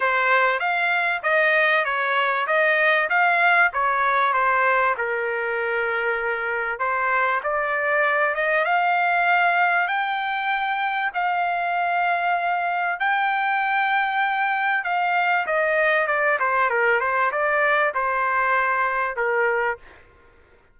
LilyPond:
\new Staff \with { instrumentName = "trumpet" } { \time 4/4 \tempo 4 = 97 c''4 f''4 dis''4 cis''4 | dis''4 f''4 cis''4 c''4 | ais'2. c''4 | d''4. dis''8 f''2 |
g''2 f''2~ | f''4 g''2. | f''4 dis''4 d''8 c''8 ais'8 c''8 | d''4 c''2 ais'4 | }